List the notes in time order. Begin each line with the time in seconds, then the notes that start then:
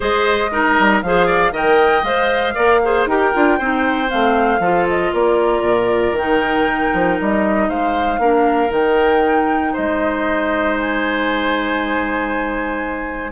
0.00 G#3 G#4 C5 D#5
0.51 D#4 A#4
0.79 G3
1.02 F3 G#4 C5 F5
1.26 D5
1.51 D#3 A#4 D#5 G5
2.03 G#3 C5 F5
2.54 A#3 A#4 D5
2.83 G#4 C5
3.05 D#4 G4 A#4 G5
3.33 D4 F4
3.58 C4 D#4 C5
4.07 A3 C4 F5
4.59 F3 F4 A4
4.88 D#5
5.13 A#3 A#4 D5
5.61 A#2
6.11 D#3 G5
6.18 D#4
6.93 F3
7.20 G3 D#5
7.68 G#3 C5 F5
8.18 A#3 D4 A#4
8.69 D#3 D#4 G5
9.72 G#3 C5 D#5
10.79 G#5